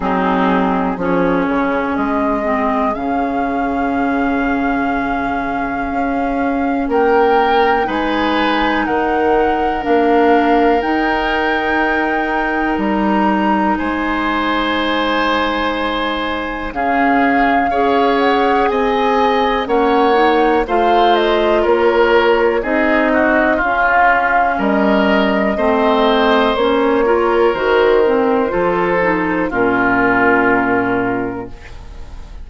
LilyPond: <<
  \new Staff \with { instrumentName = "flute" } { \time 4/4 \tempo 4 = 61 gis'4 cis''4 dis''4 f''4~ | f''2. g''4 | gis''4 fis''4 f''4 g''4~ | g''4 ais''4 gis''2~ |
gis''4 f''4. fis''8 gis''4 | fis''4 f''8 dis''8 cis''4 dis''4 | f''4 dis''2 cis''4 | c''2 ais'2 | }
  \new Staff \with { instrumentName = "oboe" } { \time 4/4 dis'4 gis'2.~ | gis'2. ais'4 | b'4 ais'2.~ | ais'2 c''2~ |
c''4 gis'4 cis''4 dis''4 | cis''4 c''4 ais'4 gis'8 fis'8 | f'4 ais'4 c''4. ais'8~ | ais'4 a'4 f'2 | }
  \new Staff \with { instrumentName = "clarinet" } { \time 4/4 c'4 cis'4. c'8 cis'4~ | cis'1 | dis'2 d'4 dis'4~ | dis'1~ |
dis'4 cis'4 gis'2 | cis'8 dis'8 f'2 dis'4 | cis'2 c'4 cis'8 f'8 | fis'8 c'8 f'8 dis'8 cis'2 | }
  \new Staff \with { instrumentName = "bassoon" } { \time 4/4 fis4 f8 cis8 gis4 cis4~ | cis2 cis'4 ais4 | gis4 dis4 ais4 dis'4~ | dis'4 g4 gis2~ |
gis4 cis4 cis'4 c'4 | ais4 a4 ais4 c'4 | cis'4 g4 a4 ais4 | dis4 f4 ais,2 | }
>>